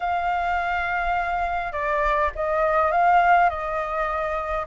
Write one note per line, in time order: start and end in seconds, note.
0.00 1.72 F5
1.72 2.30 D5
2.35 2.91 D#5
2.91 3.49 F5
3.49 4.65 D#5